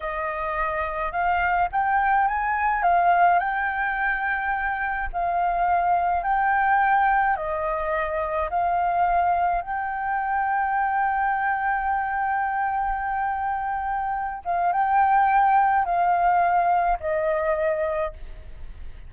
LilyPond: \new Staff \with { instrumentName = "flute" } { \time 4/4 \tempo 4 = 106 dis''2 f''4 g''4 | gis''4 f''4 g''2~ | g''4 f''2 g''4~ | g''4 dis''2 f''4~ |
f''4 g''2.~ | g''1~ | g''4. f''8 g''2 | f''2 dis''2 | }